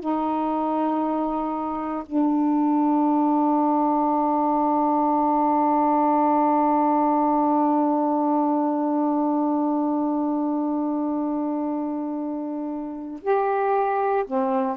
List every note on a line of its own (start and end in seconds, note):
0.00 2.03 D#4
2.06 13.22 D4
13.22 14.24 G4
14.27 14.77 C4